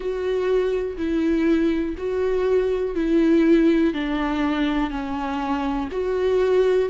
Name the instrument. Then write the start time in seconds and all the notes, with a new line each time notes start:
viola
0.00 F#4
0.97 E4
1.97 F#4
2.95 E4
3.93 D4
4.90 C#4
5.91 F#4